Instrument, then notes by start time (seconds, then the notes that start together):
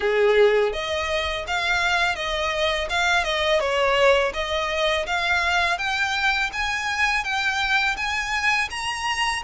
violin
0.00 G#4
0.72 D#5
1.47 F5
2.15 D#5
2.89 F5
3.24 D#5
3.60 C#5
4.33 D#5
5.06 F5
5.78 G5
6.52 G#5
7.24 G5
7.96 G#5
8.70 A#5